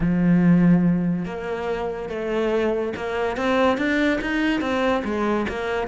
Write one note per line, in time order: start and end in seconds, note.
0.00 1.25 F3
1.25 2.09 A#3
2.09 2.93 A3
2.96 3.36 A#3
3.36 3.77 C4
3.77 4.19 D4
4.21 4.61 D#4
4.61 5.03 C4
5.04 5.46 G#3
5.49 5.87 A#3